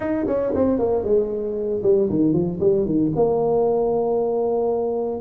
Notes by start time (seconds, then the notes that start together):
0.00 D#4
0.27 C#4
0.54 C4
0.78 A#3
1.03 G#3
1.83 G3
2.09 D#3
2.33 F3
2.60 G3
2.85 D#3
3.15 A#3